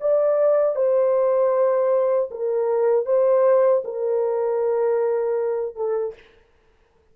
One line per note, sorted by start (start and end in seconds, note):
0.00 0.75 D5
0.75 2.29 C5
2.30 3.06 A#4
3.06 3.83 C5
3.84 5.75 A#4
5.75 6.14 A4